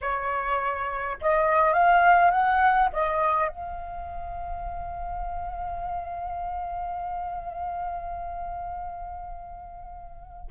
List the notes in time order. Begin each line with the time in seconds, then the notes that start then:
0.01 C#5
1.21 D#5
1.73 F5
2.31 F#5
2.93 D#5
3.48 F5